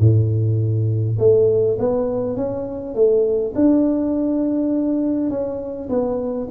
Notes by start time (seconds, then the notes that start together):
0.00 A2
1.19 A3
1.79 B3
2.36 C#4
2.95 A3
3.55 D4
5.30 C#4
5.89 B3